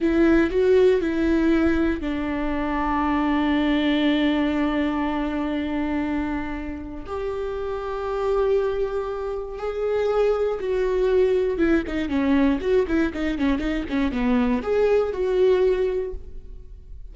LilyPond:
\new Staff \with { instrumentName = "viola" } { \time 4/4 \tempo 4 = 119 e'4 fis'4 e'2 | d'1~ | d'1~ | d'2 g'2~ |
g'2. gis'4~ | gis'4 fis'2 e'8 dis'8 | cis'4 fis'8 e'8 dis'8 cis'8 dis'8 cis'8 | b4 gis'4 fis'2 | }